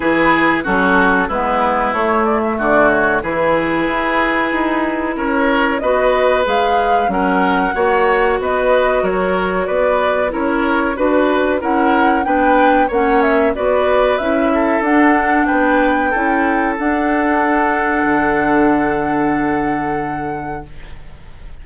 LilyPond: <<
  \new Staff \with { instrumentName = "flute" } { \time 4/4 \tempo 4 = 93 b'4 a'4 b'4 cis''8 d''16 e''16 | d''8 cis''8 b'2. | cis''4 dis''4 f''4 fis''4~ | fis''4 dis''4 cis''4 d''4 |
cis''4 b'4 fis''4 g''4 | fis''8 e''8 d''4 e''4 fis''4 | g''2 fis''2~ | fis''1 | }
  \new Staff \with { instrumentName = "oboe" } { \time 4/4 gis'4 fis'4 e'2 | fis'4 gis'2. | ais'4 b'2 ais'4 | cis''4 b'4 ais'4 b'4 |
ais'4 b'4 ais'4 b'4 | cis''4 b'4. a'4. | b'4 a'2.~ | a'1 | }
  \new Staff \with { instrumentName = "clarinet" } { \time 4/4 e'4 cis'4 b4 a4~ | a4 e'2.~ | e'4 fis'4 gis'4 cis'4 | fis'1 |
e'4 fis'4 e'4 d'4 | cis'4 fis'4 e'4 d'4~ | d'4 e'4 d'2~ | d'1 | }
  \new Staff \with { instrumentName = "bassoon" } { \time 4/4 e4 fis4 gis4 a4 | d4 e4 e'4 dis'4 | cis'4 b4 gis4 fis4 | ais4 b4 fis4 b4 |
cis'4 d'4 cis'4 b4 | ais4 b4 cis'4 d'4 | b4 cis'4 d'2 | d1 | }
>>